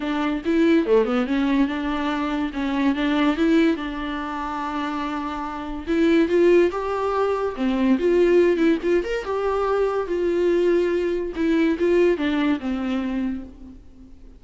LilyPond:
\new Staff \with { instrumentName = "viola" } { \time 4/4 \tempo 4 = 143 d'4 e'4 a8 b8 cis'4 | d'2 cis'4 d'4 | e'4 d'2.~ | d'2 e'4 f'4 |
g'2 c'4 f'4~ | f'8 e'8 f'8 ais'8 g'2 | f'2. e'4 | f'4 d'4 c'2 | }